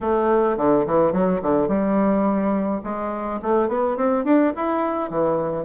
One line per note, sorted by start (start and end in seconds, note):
0.01 0.57 A3
0.57 0.85 D3
0.86 1.12 E3
1.12 1.40 F#3
1.42 1.67 D3
1.67 2.81 G3
2.83 3.40 G#3
3.42 3.68 A3
3.68 3.96 B3
3.96 4.24 C4
4.24 4.53 D4
4.56 5.10 E4
5.10 5.64 E3